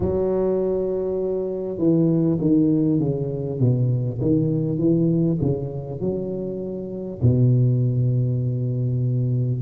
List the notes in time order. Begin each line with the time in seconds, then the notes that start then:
0.00 F#3
1.77 E3
2.40 D#3
2.99 C#3
3.59 B2
4.21 D#3
4.78 E3
5.41 C#3
6.00 F#3
7.22 B2